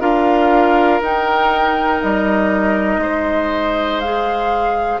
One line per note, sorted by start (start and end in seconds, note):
0.00 1.00 D4
0.00 1.00 F4
0.00 3.00 A#4
0.00 1.00 F5
1.01 2.01 D#4
1.01 4.03 D#4
1.01 2.01 G5
2.01 2.97 G3
2.01 4.00 D#5
2.97 4.97 G#3
2.97 5.00 C5
4.00 5.00 G#4
4.00 5.00 F5